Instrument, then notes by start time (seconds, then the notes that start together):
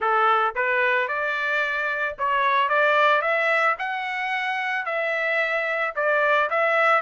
trumpet
0.00 A4
0.55 B4
1.08 D5
2.18 C#5
2.69 D5
3.21 E5
3.78 F#5
4.85 E5
5.95 D5
6.50 E5